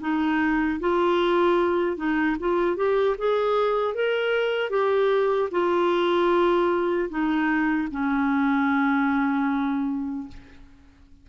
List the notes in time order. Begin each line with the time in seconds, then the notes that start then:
0.00 D#4
0.80 F4
1.97 D#4
2.39 F4
2.76 G4
3.18 G#4
3.94 A#4
4.70 G4
5.51 F4
7.09 D#4
7.91 C#4